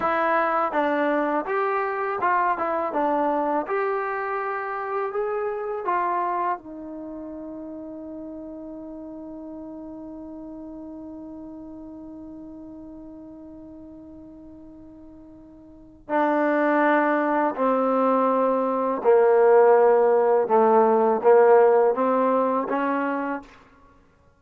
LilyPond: \new Staff \with { instrumentName = "trombone" } { \time 4/4 \tempo 4 = 82 e'4 d'4 g'4 f'8 e'8 | d'4 g'2 gis'4 | f'4 dis'2.~ | dis'1~ |
dis'1~ | dis'2 d'2 | c'2 ais2 | a4 ais4 c'4 cis'4 | }